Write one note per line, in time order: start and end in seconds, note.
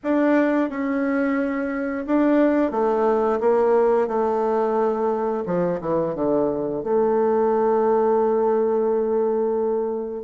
0.03 0.69 D4
0.69 2.05 C#4
2.06 2.71 D4
2.71 3.39 A3
3.40 4.07 A#3
4.07 5.44 A3
5.45 5.80 F3
5.80 6.15 E3
6.15 6.83 D3
6.83 10.23 A3